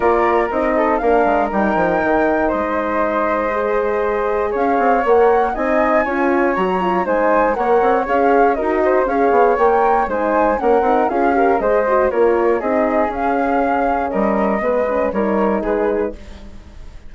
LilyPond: <<
  \new Staff \with { instrumentName = "flute" } { \time 4/4 \tempo 4 = 119 d''4 dis''4 f''4 g''4~ | g''4 dis''2.~ | dis''4 f''4 fis''4 gis''4~ | gis''4 ais''4 gis''4 fis''4 |
f''4 dis''4 f''4 g''4 | gis''4 fis''4 f''4 dis''4 | cis''4 dis''4 f''2 | dis''2 cis''4 b'4 | }
  \new Staff \with { instrumentName = "flute" } { \time 4/4 ais'4. a'8 ais'2~ | ais'4 c''2.~ | c''4 cis''2 dis''4 | cis''2 c''4 cis''4~ |
cis''4 ais'8 c''8 cis''2 | c''4 ais'4 gis'8 ais'8 c''4 | ais'4 gis'2. | ais'4 b'4 ais'4 gis'4 | }
  \new Staff \with { instrumentName = "horn" } { \time 4/4 f'4 dis'4 d'4 dis'4~ | dis'2. gis'4~ | gis'2 ais'4 dis'4 | f'4 fis'8 f'8 dis'4 ais'4 |
gis'4 fis'4 gis'4 ais'4 | dis'4 cis'8 dis'8 f'8 g'8 gis'8 fis'8 | f'4 dis'4 cis'2~ | cis'4 b8 cis'8 dis'2 | }
  \new Staff \with { instrumentName = "bassoon" } { \time 4/4 ais4 c'4 ais8 gis8 g8 f8 | dis4 gis2.~ | gis4 cis'8 c'8 ais4 c'4 | cis'4 fis4 gis4 ais8 c'8 |
cis'4 dis'4 cis'8 b8 ais4 | gis4 ais8 c'8 cis'4 gis4 | ais4 c'4 cis'2 | g4 gis4 g4 gis4 | }
>>